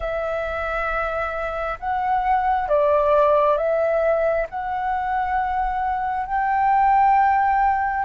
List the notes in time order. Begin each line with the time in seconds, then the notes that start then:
0.00 E5
1.79 F#5
2.68 D5
3.57 E5
4.49 F#5
6.26 G5